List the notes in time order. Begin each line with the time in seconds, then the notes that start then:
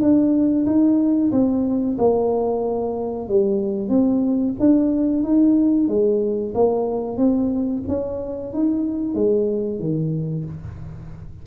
0.00 D4
0.66 D#4
1.32 C4
1.98 A#3
3.28 G3
3.89 C4
4.59 D4
5.23 D#4
5.88 G#3
6.54 A#3
7.17 C4
7.88 C#4
8.53 D#4
9.14 G#3
9.80 D#3